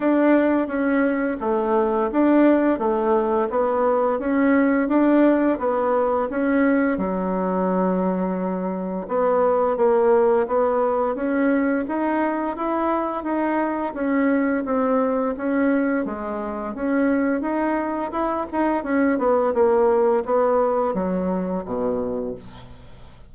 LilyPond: \new Staff \with { instrumentName = "bassoon" } { \time 4/4 \tempo 4 = 86 d'4 cis'4 a4 d'4 | a4 b4 cis'4 d'4 | b4 cis'4 fis2~ | fis4 b4 ais4 b4 |
cis'4 dis'4 e'4 dis'4 | cis'4 c'4 cis'4 gis4 | cis'4 dis'4 e'8 dis'8 cis'8 b8 | ais4 b4 fis4 b,4 | }